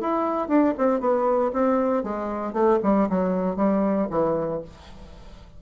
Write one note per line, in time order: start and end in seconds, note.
0.00 0.48 E4
0.48 0.74 D4
0.77 1.00 C4
1.00 1.51 B3
1.53 2.03 C4
2.03 2.53 G#3
2.53 2.78 A3
2.83 3.08 G3
3.09 3.56 F#3
3.56 4.07 G3
4.10 4.61 E3